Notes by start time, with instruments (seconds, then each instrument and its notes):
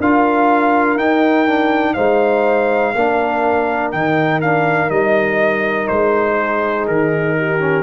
0.00 tuba D4, trombone F4, horn A#4, trumpet F5
0.97 tuba D#4, trombone D#4, trumpet G5
1.47 trombone D4
1.94 tuba G#3, trombone D#4, horn C5, trumpet F5
2.95 tuba A#3, trombone D4, horn A#4
3.92 tuba D#3, trombone D#4, trumpet G5
4.42 trombone D4, trumpet F5
4.90 tuba G3, trombone D#4, trumpet D#5
5.88 tuba G#3, trumpet C5
6.39 horn G#4
6.88 tuba D#3, trumpet A#4
7.38 horn G4
7.60 trombone C#4